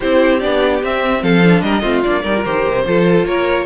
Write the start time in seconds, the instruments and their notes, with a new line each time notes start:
0.00 cello C4, viola E4, violin G4 C5
0.40 cello B3, viola D4, violin D5
0.82 viola C4, cello C4, violin E5
1.22 cello F3, violin A4 F5
1.43 viola D4
1.61 cello G3, violin A#4 D#5
1.82 cello A3, viola C4, violin F4
2.03 cello A#3, viola D4, violin D5
2.22 cello G3, viola D#4, violin A#4
2.37 viola F4
2.44 cello D#3, viola G4, violin C5
2.68 cello C3
2.85 cello F3, viola F4, violin A4
3.25 cello A#3, violin A#4 C#5